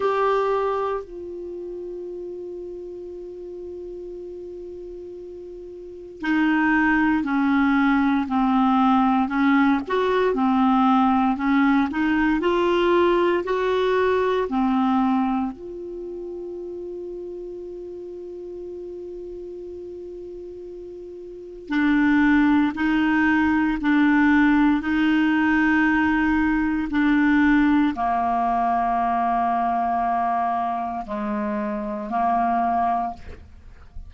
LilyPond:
\new Staff \with { instrumentName = "clarinet" } { \time 4/4 \tempo 4 = 58 g'4 f'2.~ | f'2 dis'4 cis'4 | c'4 cis'8 fis'8 c'4 cis'8 dis'8 | f'4 fis'4 c'4 f'4~ |
f'1~ | f'4 d'4 dis'4 d'4 | dis'2 d'4 ais4~ | ais2 gis4 ais4 | }